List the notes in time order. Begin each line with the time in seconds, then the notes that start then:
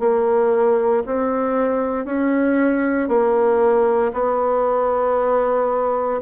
0.00 A#3
1.06 C4
2.05 C#4
3.09 A#3
4.14 B3